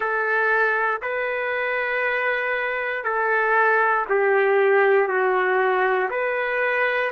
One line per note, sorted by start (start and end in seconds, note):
0.00 1.01 A4
1.02 3.04 B4
3.04 4.05 A4
4.09 5.08 G4
5.08 6.09 F#4
6.10 7.11 B4